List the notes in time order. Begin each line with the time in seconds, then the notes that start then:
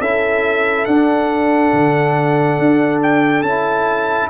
0.00 C#4 E4 A4 E5
0.85 D4 F#5
1.73 D3
2.59 D4
3.02 G5
3.42 C#4 E4 A5